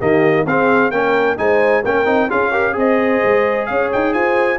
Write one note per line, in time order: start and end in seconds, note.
0.00 0.46 D#3
0.00 0.47 A#3
0.00 0.46 G4
0.00 0.47 D#5
0.46 0.92 C4
0.46 0.93 G#4
0.46 0.91 F5
0.91 1.38 A#3
0.91 1.38 C#4
0.91 1.40 A#4
0.91 1.37 G5
1.38 1.85 G#3
1.38 1.84 D#4
1.38 1.84 C5
1.38 1.85 G#5
1.84 2.06 A#3
1.84 2.06 C#4
1.84 2.29 A#4
1.84 2.30 G5
2.06 2.29 C4
2.06 2.29 D#4
2.29 2.76 C#4
2.29 2.52 F4
2.29 2.51 G#4
2.29 2.77 F5
2.51 2.73 G4
2.51 2.74 A#4
2.73 3.22 C4
2.73 4.57 G#4
2.79 3.70 C5
2.79 3.66 D#5
3.24 3.70 G#3
3.66 3.94 C#4
3.66 4.14 C#5
3.66 3.90 F5
3.93 4.15 D#4
3.93 4.14 G5
4.14 4.59 F4
4.14 4.59 C5
4.14 4.59 G#5